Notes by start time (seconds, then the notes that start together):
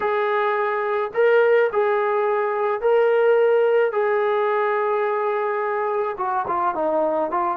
0.00 G#4
1.14 A#4
1.72 G#4
2.81 A#4
3.92 G#4
6.17 F#4
6.47 F4
6.74 D#4
7.30 F4